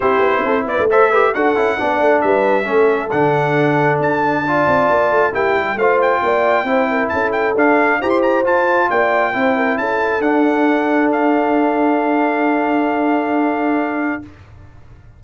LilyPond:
<<
  \new Staff \with { instrumentName = "trumpet" } { \time 4/4 \tempo 4 = 135 c''4. d''8 e''4 fis''4~ | fis''4 e''2 fis''4~ | fis''4 a''2. | g''4 f''8 g''2~ g''8 |
a''8 g''8 f''4 ais''16 c'''16 ais''8 a''4 | g''2 a''4 fis''4~ | fis''4 f''2.~ | f''1 | }
  \new Staff \with { instrumentName = "horn" } { \time 4/4 g'4 a'8 b'8 c''8 b'8 a'4 | d''4 b'4 a'2~ | a'2 d''2 | g'4 c''4 d''4 c''8 ais'8 |
a'2 c''2 | d''4 c''8 ais'8 a'2~ | a'1~ | a'1 | }
  \new Staff \with { instrumentName = "trombone" } { \time 4/4 e'2 a'8 g'8 fis'8 e'8 | d'2 cis'4 d'4~ | d'2 f'2 | e'4 f'2 e'4~ |
e'4 d'4 g'4 f'4~ | f'4 e'2 d'4~ | d'1~ | d'1 | }
  \new Staff \with { instrumentName = "tuba" } { \time 4/4 c'8 b8 c'8 b16 a4~ a16 d'8 cis'8 | b8 a8 g4 a4 d4~ | d4 d'4. c'8 ais8 a8 | ais8 g8 a4 ais4 c'4 |
cis'4 d'4 e'4 f'4 | ais4 c'4 cis'4 d'4~ | d'1~ | d'1 | }
>>